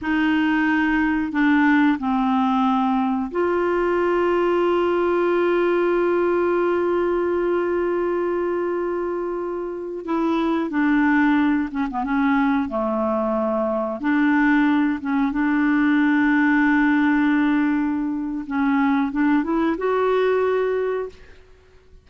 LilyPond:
\new Staff \with { instrumentName = "clarinet" } { \time 4/4 \tempo 4 = 91 dis'2 d'4 c'4~ | c'4 f'2.~ | f'1~ | f'2.~ f'16 e'8.~ |
e'16 d'4. cis'16 b16 cis'4 a8.~ | a4~ a16 d'4. cis'8 d'8.~ | d'1 | cis'4 d'8 e'8 fis'2 | }